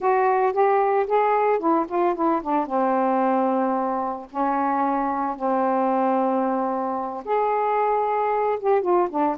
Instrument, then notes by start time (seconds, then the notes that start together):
saxophone
0.00 F#4
0.52 G4
1.06 G#4
1.59 E4
1.88 F4
2.14 E4
2.41 D4
2.66 C4
4.30 C#4
5.36 C4
7.24 G#4
8.60 G4
8.81 F4
9.09 D4